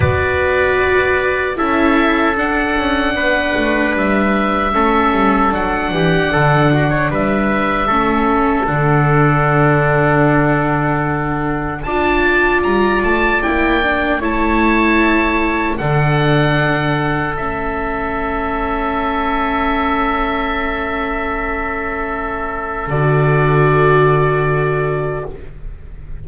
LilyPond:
<<
  \new Staff \with { instrumentName = "oboe" } { \time 4/4 \tempo 4 = 76 d''2 e''4 fis''4~ | fis''4 e''2 fis''4~ | fis''4 e''2 fis''4~ | fis''2. a''4 |
ais''8 a''8 g''4 a''2 | fis''2 e''2~ | e''1~ | e''4 d''2. | }
  \new Staff \with { instrumentName = "trumpet" } { \time 4/4 b'2 a'2 | b'2 a'4. g'8 | a'8 fis'16 cis''16 b'4 a'2~ | a'2. d''4~ |
d''2 cis''2 | a'1~ | a'1~ | a'1 | }
  \new Staff \with { instrumentName = "viola" } { \time 4/4 fis'2 e'4 d'4~ | d'2 cis'4 d'4~ | d'2 cis'4 d'4~ | d'2. f'4~ |
f'4 e'8 d'8 e'2 | d'2 cis'2~ | cis'1~ | cis'4 fis'2. | }
  \new Staff \with { instrumentName = "double bass" } { \time 4/4 b2 cis'4 d'8 cis'8 | b8 a8 g4 a8 g8 fis8 e8 | d4 g4 a4 d4~ | d2. d'4 |
g8 a8 ais4 a2 | d2 a2~ | a1~ | a4 d2. | }
>>